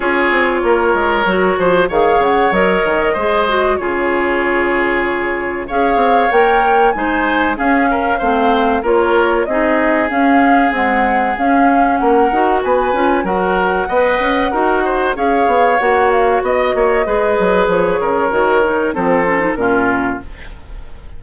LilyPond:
<<
  \new Staff \with { instrumentName = "flute" } { \time 4/4 \tempo 4 = 95 cis''2. f''8 fis''8 | dis''2 cis''2~ | cis''4 f''4 g''4 gis''4 | f''2 cis''4 dis''4 |
f''4 fis''4 f''4 fis''4 | gis''4 fis''2. | f''4 fis''8 f''8 dis''2 | cis''2 c''4 ais'4 | }
  \new Staff \with { instrumentName = "oboe" } { \time 4/4 gis'4 ais'4. c''8 cis''4~ | cis''4 c''4 gis'2~ | gis'4 cis''2 c''4 | gis'8 ais'8 c''4 ais'4 gis'4~ |
gis'2. ais'4 | b'4 ais'4 dis''4 ais'8 c''8 | cis''2 dis''8 cis''8 b'4~ | b'8 ais'4. a'4 f'4 | }
  \new Staff \with { instrumentName = "clarinet" } { \time 4/4 f'2 fis'4 gis'4 | ais'4 gis'8 fis'8 f'2~ | f'4 gis'4 ais'4 dis'4 | cis'4 c'4 f'4 dis'4 |
cis'4 gis4 cis'4. fis'8~ | fis'8 f'8 fis'4 b'4 fis'4 | gis'4 fis'2 gis'4~ | gis'4 fis'8 dis'8 c'8 cis'16 dis'16 cis'4 | }
  \new Staff \with { instrumentName = "bassoon" } { \time 4/4 cis'8 c'8 ais8 gis8 fis8 f8 dis8 cis8 | fis8 dis8 gis4 cis2~ | cis4 cis'8 c'8 ais4 gis4 | cis'4 a4 ais4 c'4 |
cis'4 c'4 cis'4 ais8 dis'8 | b8 cis'8 fis4 b8 cis'8 dis'4 | cis'8 b8 ais4 b8 ais8 gis8 fis8 | f8 cis8 dis4 f4 ais,4 | }
>>